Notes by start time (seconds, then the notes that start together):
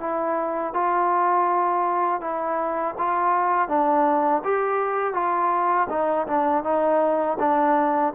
0.00 E4
0.73 F4
2.21 E4
2.98 F4
3.68 D4
4.44 G4
5.13 F4
5.90 D#4
6.27 D4
6.64 D#4
7.39 D4